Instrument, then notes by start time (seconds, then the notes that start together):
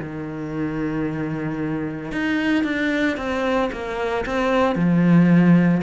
cello
0.00 D#3
2.12 D#4
2.64 D4
3.18 C4
3.73 A#3
4.26 C4
4.76 F3